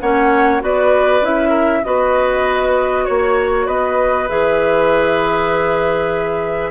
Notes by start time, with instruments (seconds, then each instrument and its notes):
0.00 bassoon A#3, clarinet C#4, oboe C#5, flute F#5
0.60 bassoon B3, clarinet F#4, oboe B4, flute D5
1.21 bassoon C#4, clarinet E4, flute E5
1.49 oboe A#4
1.83 bassoon B3, clarinet F#4, oboe B4, flute D#5
3.04 bassoon A#3, oboe C#5, flute C#5
3.66 bassoon B3, oboe B4, flute D#5
4.28 bassoon E3, clarinet G#4, flute E5